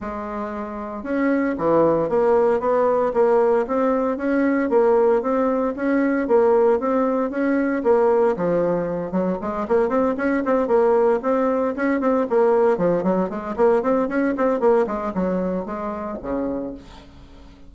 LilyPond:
\new Staff \with { instrumentName = "bassoon" } { \time 4/4 \tempo 4 = 115 gis2 cis'4 e4 | ais4 b4 ais4 c'4 | cis'4 ais4 c'4 cis'4 | ais4 c'4 cis'4 ais4 |
f4. fis8 gis8 ais8 c'8 cis'8 | c'8 ais4 c'4 cis'8 c'8 ais8~ | ais8 f8 fis8 gis8 ais8 c'8 cis'8 c'8 | ais8 gis8 fis4 gis4 cis4 | }